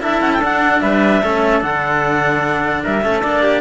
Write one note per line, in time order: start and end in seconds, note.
0.00 0.21 D4
0.00 0.40 E4
0.00 0.82 A4
0.00 0.21 E5
0.21 0.39 C#4
0.21 0.31 F#5
0.32 0.42 G5
0.39 0.79 D4
0.39 1.23 D4
0.39 0.81 F#5
0.81 1.22 G3
0.81 1.22 B4
0.81 1.61 E5
1.22 1.62 A3
1.22 1.61 C#4
1.22 2.83 A4
1.61 2.83 D3
1.61 3.02 D4
1.61 2.83 F#5
2.83 3.05 G3
2.83 3.03 A#4
2.83 3.22 E5
3.02 3.23 A3
3.02 3.23 C#4
3.02 3.42 A4
3.22 3.61 A#3
3.22 3.61 D4
3.22 3.61 D5
3.42 3.61 G4